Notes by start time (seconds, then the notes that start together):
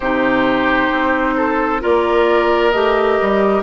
0.00 C3 D#4 G4 C5
0.91 C4
1.37 A4
1.80 A#3 F4 A#4 D5
2.71 A3 G4 D#5
3.21 G3